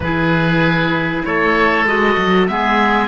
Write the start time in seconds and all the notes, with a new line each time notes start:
0.00 E3 E4 G#4 B4
1.24 A3 A4 C#5
1.86 G#3 F#4 D#5
2.17 F#3
2.47 G#3 B3 G#4 E5